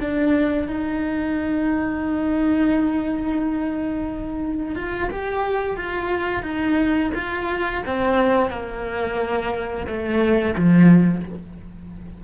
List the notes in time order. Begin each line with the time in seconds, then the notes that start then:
0.00 D4
0.68 D#4
4.75 F4
5.11 G4
5.76 F4
6.42 D#4
7.15 F4
7.86 C4
8.50 A#3
9.87 A3
10.56 F3